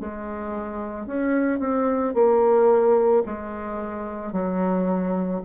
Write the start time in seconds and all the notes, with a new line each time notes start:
0.00 G#3
1.06 C#4
1.59 C4
2.14 A#3
3.25 G#3
4.32 F#3